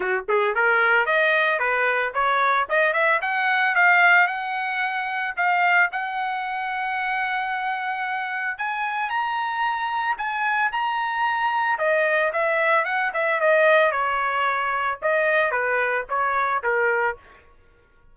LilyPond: \new Staff \with { instrumentName = "trumpet" } { \time 4/4 \tempo 4 = 112 fis'8 gis'8 ais'4 dis''4 b'4 | cis''4 dis''8 e''8 fis''4 f''4 | fis''2 f''4 fis''4~ | fis''1 |
gis''4 ais''2 gis''4 | ais''2 dis''4 e''4 | fis''8 e''8 dis''4 cis''2 | dis''4 b'4 cis''4 ais'4 | }